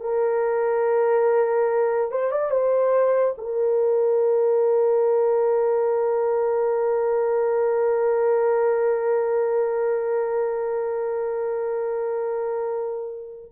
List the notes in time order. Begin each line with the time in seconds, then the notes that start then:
0.00 A#4
2.11 C5
2.31 D5
2.50 C5
3.38 A#4